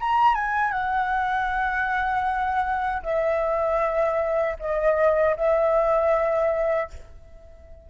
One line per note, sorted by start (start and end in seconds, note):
0.00 0.35 A#5
0.35 0.71 G#5
0.71 3.02 F#5
3.02 4.56 E5
4.59 5.36 D#5
5.36 6.90 E5